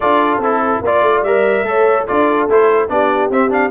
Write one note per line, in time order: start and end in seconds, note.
0.00 0.38 D4
0.00 0.42 F4
0.00 0.82 A4
0.00 0.40 D5
0.38 0.79 C4
0.38 0.83 E4
0.38 0.85 A4
0.81 1.01 A#3
0.81 1.26 F4
0.81 1.67 D5
0.81 1.23 D5
1.02 1.22 A3
1.23 1.62 G3
1.23 1.65 A#4
1.23 2.05 E5
1.62 2.04 A3
1.62 2.06 A4
1.62 2.06 C#5
2.06 2.47 D4
2.06 2.48 F4
2.06 2.88 A4
2.06 2.48 D5
2.47 2.89 A3
2.47 2.89 E4
2.47 2.89 C5
2.89 3.29 B3
2.89 3.30 D4
2.89 3.71 G4
2.89 3.30 D5
3.29 3.71 C4
3.29 3.49 C4
3.29 3.52 E5
3.49 3.70 D4
3.49 3.71 F5